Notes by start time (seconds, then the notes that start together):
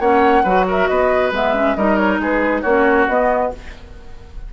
0.00 A#3 C#4 C#5 F#5
0.44 F#3 F#4 B4
0.68 A#4 E5
0.88 B3 B4 D#5
1.32 G#3 B3 E5
1.55 C#4
1.76 G3 D#4 A#4 D#5
1.97 C#5
2.19 G#3 G#4 B4
2.62 A#3 C#4 F#4 C#5
3.08 B3 D#5